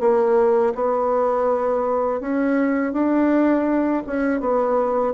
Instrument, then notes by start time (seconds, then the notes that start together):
bassoon
0.00 A#3
0.75 B3
2.21 C#4
2.93 D4
4.07 C#4
4.41 B3